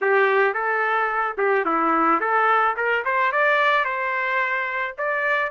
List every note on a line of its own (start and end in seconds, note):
0.01 0.54 G4
0.54 1.36 A4
1.37 1.65 G4
1.65 2.20 E4
2.20 2.75 A4
2.76 3.04 A#4
3.04 3.32 C5
3.32 3.85 D5
3.85 4.95 C5
4.98 5.51 D5